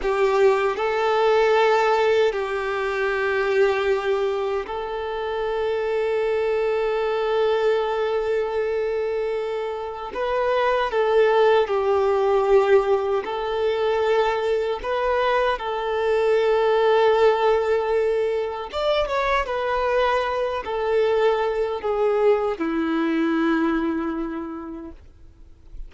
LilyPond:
\new Staff \with { instrumentName = "violin" } { \time 4/4 \tempo 4 = 77 g'4 a'2 g'4~ | g'2 a'2~ | a'1~ | a'4 b'4 a'4 g'4~ |
g'4 a'2 b'4 | a'1 | d''8 cis''8 b'4. a'4. | gis'4 e'2. | }